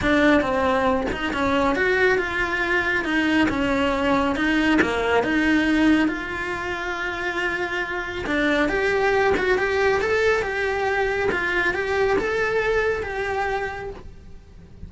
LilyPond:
\new Staff \with { instrumentName = "cello" } { \time 4/4 \tempo 4 = 138 d'4 c'4. dis'8 cis'4 | fis'4 f'2 dis'4 | cis'2 dis'4 ais4 | dis'2 f'2~ |
f'2. d'4 | g'4. fis'8 g'4 a'4 | g'2 f'4 g'4 | a'2 g'2 | }